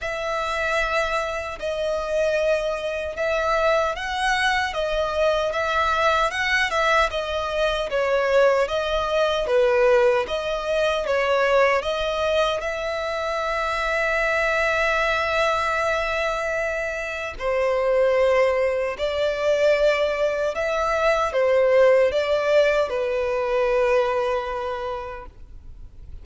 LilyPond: \new Staff \with { instrumentName = "violin" } { \time 4/4 \tempo 4 = 76 e''2 dis''2 | e''4 fis''4 dis''4 e''4 | fis''8 e''8 dis''4 cis''4 dis''4 | b'4 dis''4 cis''4 dis''4 |
e''1~ | e''2 c''2 | d''2 e''4 c''4 | d''4 b'2. | }